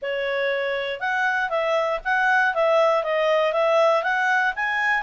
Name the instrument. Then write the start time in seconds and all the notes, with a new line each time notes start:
clarinet
0.02 C#5
0.99 F#5
1.49 E5
2.04 F#5
2.54 E5
3.03 D#5
3.52 E5
4.03 F#5
4.55 G#5